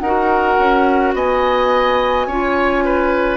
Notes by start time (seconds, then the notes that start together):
0.00 D#4 F#4 A#4 F#5
0.59 C#4
1.14 B3 D#5 G#5
2.27 C#4 F4 C#5
2.85 B4